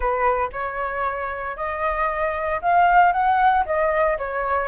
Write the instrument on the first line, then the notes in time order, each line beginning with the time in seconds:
flute
0.00 B4
0.52 C#5
1.56 D#5
2.61 F5
3.12 F#5
3.65 D#5
4.17 C#5